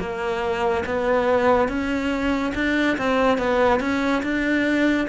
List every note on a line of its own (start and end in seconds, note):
0.00 0.85 A#3
0.86 1.69 B3
1.69 2.53 C#4
2.55 2.98 D4
2.98 3.38 C4
3.38 3.81 B3
3.81 4.23 C#4
4.23 5.08 D4